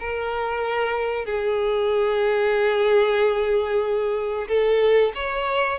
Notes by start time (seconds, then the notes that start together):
0.00 A#4
1.26 G#4
4.48 A4
5.15 C#5